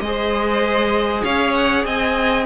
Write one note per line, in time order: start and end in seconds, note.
0.00 1.22 G#3
0.00 2.46 G#4
0.00 1.24 C5
0.00 1.23 D#5
1.24 1.85 C#4
1.24 1.85 C#5
1.24 1.54 F5
1.54 1.85 F#5
1.85 2.46 C4
1.85 2.46 D#5
1.85 2.46 G#5